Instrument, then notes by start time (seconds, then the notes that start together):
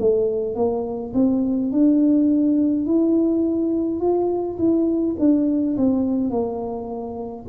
tuba
0.00 A3
0.56 A#3
1.14 C4
1.72 D4
2.86 E4
4.01 F4
4.59 E4
5.20 D4
5.77 C4
6.30 A#3